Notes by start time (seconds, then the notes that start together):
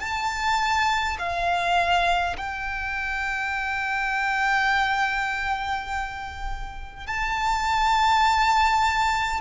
0.00 A5
1.19 F5
2.38 G5
7.07 A5